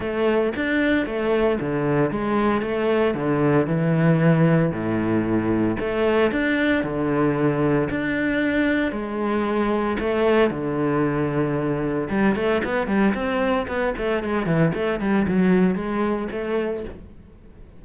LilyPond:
\new Staff \with { instrumentName = "cello" } { \time 4/4 \tempo 4 = 114 a4 d'4 a4 d4 | gis4 a4 d4 e4~ | e4 a,2 a4 | d'4 d2 d'4~ |
d'4 gis2 a4 | d2. g8 a8 | b8 g8 c'4 b8 a8 gis8 e8 | a8 g8 fis4 gis4 a4 | }